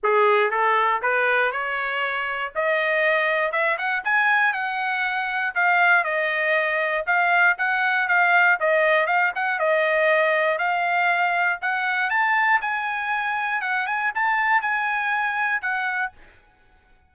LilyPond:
\new Staff \with { instrumentName = "trumpet" } { \time 4/4 \tempo 4 = 119 gis'4 a'4 b'4 cis''4~ | cis''4 dis''2 e''8 fis''8 | gis''4 fis''2 f''4 | dis''2 f''4 fis''4 |
f''4 dis''4 f''8 fis''8 dis''4~ | dis''4 f''2 fis''4 | a''4 gis''2 fis''8 gis''8 | a''4 gis''2 fis''4 | }